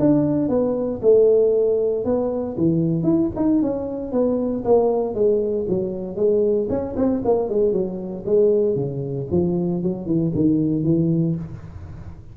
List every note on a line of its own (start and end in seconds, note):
0.00 0.49 D4
0.49 1.01 B3
1.02 2.05 A3
2.05 2.57 B3
2.57 3.04 E3
3.04 3.29 E4
3.36 3.62 D#4
3.62 4.12 C#4
4.12 4.64 B3
4.65 5.15 A#3
5.15 5.66 G#3
5.69 6.16 F#3
6.16 6.68 G#3
6.70 6.95 C#4
6.97 7.23 C4
7.25 7.50 A#3
7.50 7.72 G#3
7.72 8.24 F#3
8.26 8.76 G#3
8.76 9.28 C#3
9.31 9.83 F3
9.83 10.06 F#3
10.06 10.32 E3
10.35 10.84 D#3
10.84 11.36 E3